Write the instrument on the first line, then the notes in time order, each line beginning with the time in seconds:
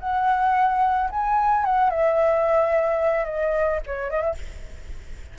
flute
0.00 F#5
1.11 G#5
1.65 F#5
1.90 E5
3.25 D#5
3.87 C#5
4.11 D#5
4.21 E5